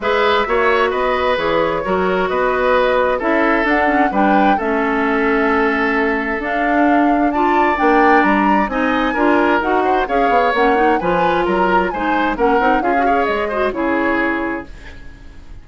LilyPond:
<<
  \new Staff \with { instrumentName = "flute" } { \time 4/4 \tempo 4 = 131 e''2 dis''4 cis''4~ | cis''4 dis''2 e''4 | fis''4 g''4 e''2~ | e''2 f''2 |
a''4 g''4 ais''4 gis''4~ | gis''4 fis''4 f''4 fis''4 | gis''4 ais''4 gis''4 fis''4 | f''4 dis''4 cis''2 | }
  \new Staff \with { instrumentName = "oboe" } { \time 4/4 b'4 cis''4 b'2 | ais'4 b'2 a'4~ | a'4 b'4 a'2~ | a'1 |
d''2. dis''4 | ais'4. c''8 cis''2 | b'4 ais'4 c''4 ais'4 | gis'8 cis''4 c''8 gis'2 | }
  \new Staff \with { instrumentName = "clarinet" } { \time 4/4 gis'4 fis'2 gis'4 | fis'2. e'4 | d'8 cis'8 d'4 cis'2~ | cis'2 d'2 |
f'4 d'2 dis'4 | f'4 fis'4 gis'4 cis'8 dis'8 | f'2 dis'4 cis'8 dis'8 | f'16 fis'16 gis'4 fis'8 e'2 | }
  \new Staff \with { instrumentName = "bassoon" } { \time 4/4 gis4 ais4 b4 e4 | fis4 b2 cis'4 | d'4 g4 a2~ | a2 d'2~ |
d'4 ais4 g4 c'4 | d'4 dis'4 cis'8 b8 ais4 | f4 fis4 gis4 ais8 c'8 | cis'4 gis4 cis2 | }
>>